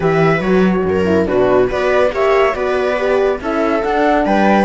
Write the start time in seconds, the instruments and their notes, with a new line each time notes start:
0.00 cello E3, horn G4, viola B4, flute E5
0.40 cello F#3, horn F#4, flute C#5
0.84 cello F#2, viola A#4
1.05 horn E4
1.26 cello B2, horn D4, viola F#4, flute B4
1.68 cello B3, horn F#4, viola B4, flute D5
2.11 cello A#3, horn G4, viola C#5, flute E5
2.53 cello B3, horn F#4, viola B4, flute D5
2.97 horn G4
3.40 cello C#4, horn E4, viola A4, flute E5
3.82 horn D4, cello D4, flute F#5
4.25 cello G3, viola B4, flute G5